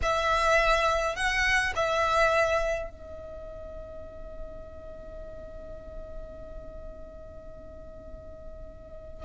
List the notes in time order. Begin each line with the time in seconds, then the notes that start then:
0.02 E5
1.15 F#5
1.75 E5
2.90 D#5